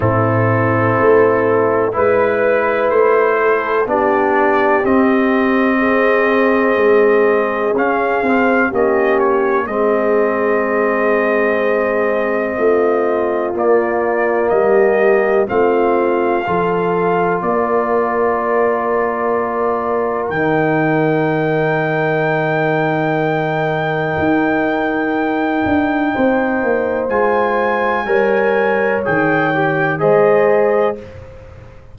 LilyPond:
<<
  \new Staff \with { instrumentName = "trumpet" } { \time 4/4 \tempo 4 = 62 a'2 b'4 c''4 | d''4 dis''2. | f''4 dis''8 cis''8 dis''2~ | dis''2 d''4 dis''4 |
f''2 d''2~ | d''4 g''2.~ | g''1 | gis''2 g''4 dis''4 | }
  \new Staff \with { instrumentName = "horn" } { \time 4/4 e'2 b'4. a'8 | g'2 gis'2~ | gis'4 g'4 gis'2~ | gis'4 f'2 g'4 |
f'4 a'4 ais'2~ | ais'1~ | ais'2. c''4~ | c''4 cis''2 c''4 | }
  \new Staff \with { instrumentName = "trombone" } { \time 4/4 c'2 e'2 | d'4 c'2. | cis'8 c'8 cis'4 c'2~ | c'2 ais2 |
c'4 f'2.~ | f'4 dis'2.~ | dis'1 | f'4 ais'4 gis'8 g'8 gis'4 | }
  \new Staff \with { instrumentName = "tuba" } { \time 4/4 a,4 a4 gis4 a4 | b4 c'2 gis4 | cis'8 c'8 ais4 gis2~ | gis4 a4 ais4 g4 |
a4 f4 ais2~ | ais4 dis2.~ | dis4 dis'4. d'8 c'8 ais8 | gis4 g4 dis4 gis4 | }
>>